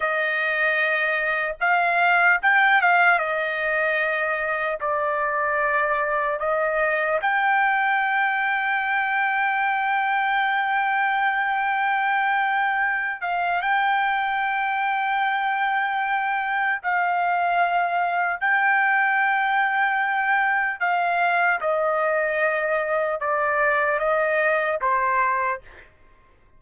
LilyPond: \new Staff \with { instrumentName = "trumpet" } { \time 4/4 \tempo 4 = 75 dis''2 f''4 g''8 f''8 | dis''2 d''2 | dis''4 g''2.~ | g''1~ |
g''8 f''8 g''2.~ | g''4 f''2 g''4~ | g''2 f''4 dis''4~ | dis''4 d''4 dis''4 c''4 | }